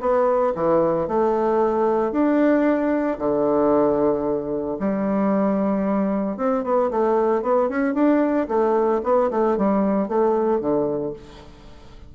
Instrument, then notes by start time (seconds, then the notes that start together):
bassoon
0.00 B3
0.55 E3
1.07 A3
2.11 D4
3.18 D3
4.79 G3
6.37 C4
6.63 B3
6.90 A3
7.42 B3
7.69 C#4
7.94 D4
8.48 A3
9.03 B3
9.30 A3
9.57 G3
10.08 A3
10.60 D3